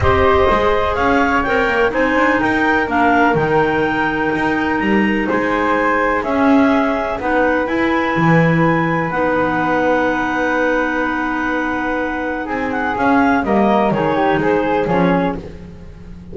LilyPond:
<<
  \new Staff \with { instrumentName = "clarinet" } { \time 4/4 \tempo 4 = 125 dis''2 f''4 g''4 | gis''4 g''4 f''4 g''4~ | g''2 ais''4 gis''4~ | gis''4 e''2 fis''4 |
gis''2. fis''4~ | fis''1~ | fis''2 gis''8 fis''8 f''4 | dis''4 cis''4 c''4 cis''4 | }
  \new Staff \with { instrumentName = "flute" } { \time 4/4 c''2 cis''2 | c''4 ais'2.~ | ais'2. c''4~ | c''4 gis'2 b'4~ |
b'1~ | b'1~ | b'2 gis'2 | ais'4 gis'8 g'8 gis'2 | }
  \new Staff \with { instrumentName = "clarinet" } { \time 4/4 g'4 gis'2 ais'4 | dis'2 d'4 dis'4~ | dis'1~ | dis'4 cis'2 dis'4 |
e'2. dis'4~ | dis'1~ | dis'2. cis'4 | ais4 dis'2 cis'4 | }
  \new Staff \with { instrumentName = "double bass" } { \time 4/4 c'4 gis4 cis'4 c'8 ais8 | c'8 d'8 dis'4 ais4 dis4~ | dis4 dis'4 g4 gis4~ | gis4 cis'2 b4 |
e'4 e2 b4~ | b1~ | b2 c'4 cis'4 | g4 dis4 gis4 f4 | }
>>